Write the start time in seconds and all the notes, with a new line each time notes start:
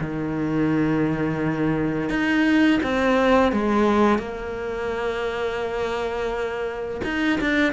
0.00 D#3
2.09 D#4
2.83 C4
3.52 G#3
4.18 A#3
7.04 D#4
7.40 D4